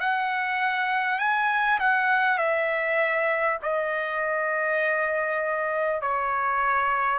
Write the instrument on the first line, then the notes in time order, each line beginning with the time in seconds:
trumpet
0.00 F#5
1.19 G#5
1.79 F#5
2.38 E5
3.63 D#5
6.02 C#5